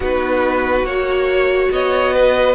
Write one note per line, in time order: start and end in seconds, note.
0.00 0.83 B3
0.00 0.85 D#4
0.00 1.71 F#4
0.00 0.86 B4
0.83 1.69 A#3
0.83 2.54 F#4
0.83 1.71 C#5
1.71 2.54 B3
1.71 2.13 C#5
1.71 2.54 D#5
2.13 2.54 B4